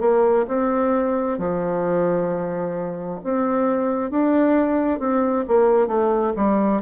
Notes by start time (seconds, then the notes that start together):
0.00 A#3
0.48 C4
1.38 F3
3.24 C4
4.10 D4
4.99 C4
5.47 A#3
5.87 A3
6.36 G3